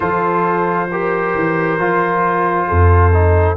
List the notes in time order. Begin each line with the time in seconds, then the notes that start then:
0.00 F3 F4 A4 C5
0.90 G4 A#4
1.34 E3
1.78 F3 F4
2.67 F2 A4
3.12 D#4